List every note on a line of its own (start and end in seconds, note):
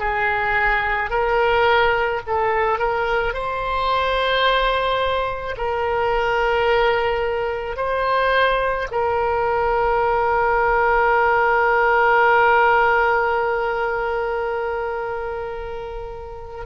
0.00 1.11 G#4
1.11 2.22 A#4
2.27 2.79 A4
2.79 3.34 A#4
3.34 5.56 C5
5.58 7.77 A#4
7.77 8.88 C5
8.92 16.67 A#4